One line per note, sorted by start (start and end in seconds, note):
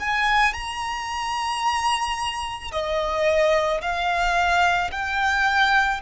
0.00 0.54 G#5
0.54 2.72 A#5
2.72 3.81 D#5
3.82 4.91 F5
4.92 6.01 G5